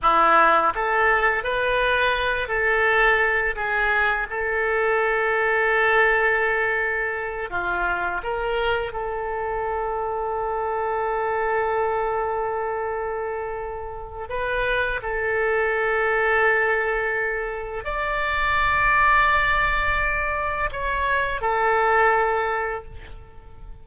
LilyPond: \new Staff \with { instrumentName = "oboe" } { \time 4/4 \tempo 4 = 84 e'4 a'4 b'4. a'8~ | a'4 gis'4 a'2~ | a'2~ a'8 f'4 ais'8~ | ais'8 a'2.~ a'8~ |
a'1 | b'4 a'2.~ | a'4 d''2.~ | d''4 cis''4 a'2 | }